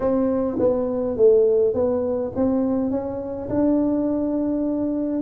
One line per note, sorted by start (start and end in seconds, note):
0.00 0.57 C4
0.59 1.16 B3
1.16 1.73 A3
1.73 2.32 B3
2.35 2.90 C4
2.90 3.48 C#4
3.49 5.22 D4